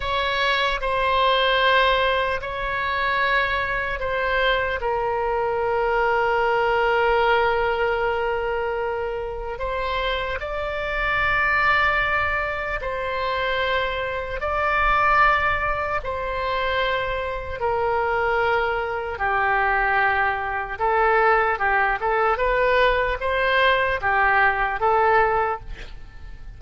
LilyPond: \new Staff \with { instrumentName = "oboe" } { \time 4/4 \tempo 4 = 75 cis''4 c''2 cis''4~ | cis''4 c''4 ais'2~ | ais'1 | c''4 d''2. |
c''2 d''2 | c''2 ais'2 | g'2 a'4 g'8 a'8 | b'4 c''4 g'4 a'4 | }